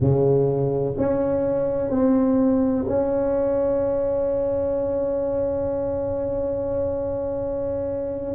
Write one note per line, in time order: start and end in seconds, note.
0.00 0.96 C#3
0.97 1.90 C#4
1.90 2.85 C4
2.87 8.34 C#4